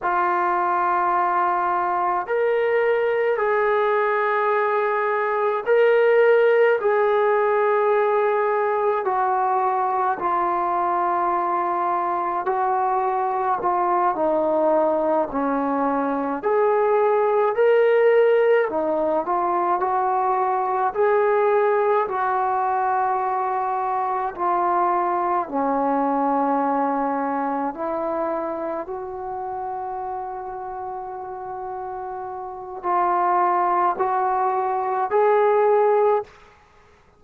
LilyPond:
\new Staff \with { instrumentName = "trombone" } { \time 4/4 \tempo 4 = 53 f'2 ais'4 gis'4~ | gis'4 ais'4 gis'2 | fis'4 f'2 fis'4 | f'8 dis'4 cis'4 gis'4 ais'8~ |
ais'8 dis'8 f'8 fis'4 gis'4 fis'8~ | fis'4. f'4 cis'4.~ | cis'8 e'4 fis'2~ fis'8~ | fis'4 f'4 fis'4 gis'4 | }